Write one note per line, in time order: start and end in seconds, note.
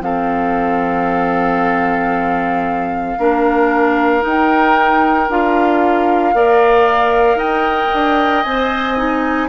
0.00 3.16 F3
0.00 3.17 C4
0.00 3.18 A4
0.00 4.23 F5
3.18 4.23 A#3
3.18 4.21 D4
3.18 6.34 A#4
4.21 5.26 D#4
4.21 5.29 D#4
4.21 5.30 G5
5.29 6.33 D4
5.29 6.34 F4
5.29 7.38 F5
6.33 7.35 A#3
6.33 8.45 A#4
6.33 7.37 D5
7.35 7.87 D#4
7.35 9.48 D#5
7.35 8.43 G5
7.93 8.44 D4
8.43 9.48 C4
8.43 8.97 C5
8.43 9.48 G#5
8.97 9.48 D#4